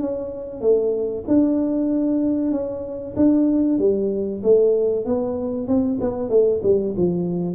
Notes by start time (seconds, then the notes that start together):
0.00 C#4
0.61 A3
1.27 D4
2.51 C#4
3.16 D4
3.78 G3
4.43 A3
5.05 B3
5.67 C4
6.00 B3
6.29 A3
6.63 G3
6.96 F3